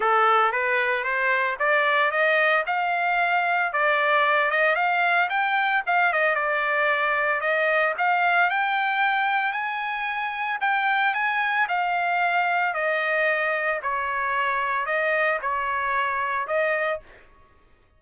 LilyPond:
\new Staff \with { instrumentName = "trumpet" } { \time 4/4 \tempo 4 = 113 a'4 b'4 c''4 d''4 | dis''4 f''2 d''4~ | d''8 dis''8 f''4 g''4 f''8 dis''8 | d''2 dis''4 f''4 |
g''2 gis''2 | g''4 gis''4 f''2 | dis''2 cis''2 | dis''4 cis''2 dis''4 | }